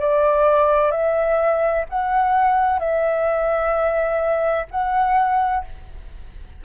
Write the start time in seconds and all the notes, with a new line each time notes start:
0.00 D5
0.91 E5
1.89 F#5
2.79 E5
4.71 F#5